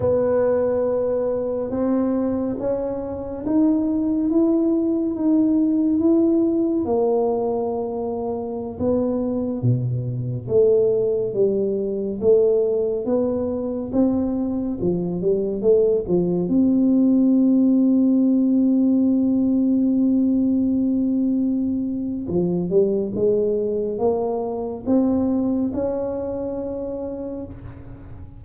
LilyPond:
\new Staff \with { instrumentName = "tuba" } { \time 4/4 \tempo 4 = 70 b2 c'4 cis'4 | dis'4 e'4 dis'4 e'4 | ais2~ ais16 b4 b,8.~ | b,16 a4 g4 a4 b8.~ |
b16 c'4 f8 g8 a8 f8 c'8.~ | c'1~ | c'2 f8 g8 gis4 | ais4 c'4 cis'2 | }